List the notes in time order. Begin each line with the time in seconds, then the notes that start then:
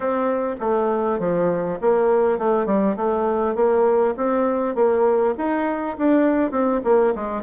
0.00 C4
0.60 A3
1.19 F3
1.81 A#3
2.38 A3
2.66 G3
2.96 A3
3.55 A#3
4.16 C4
4.75 A#3
5.37 D#4
5.97 D4
6.51 C4
6.83 A#3
7.14 G#3